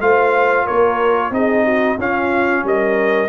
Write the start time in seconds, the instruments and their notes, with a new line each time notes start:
0.00 tuba A3, trombone F4, horn C5, trumpet F5
0.65 tuba A#3, horn A#4, trumpet C#5
1.31 tuba C4, trombone D#4, horn G#4, trumpet D#5
1.64 horn F#4
1.98 tuba C#4, trombone C#4, horn F4, trumpet F5
2.64 tuba G3, horn A#4, trumpet D#5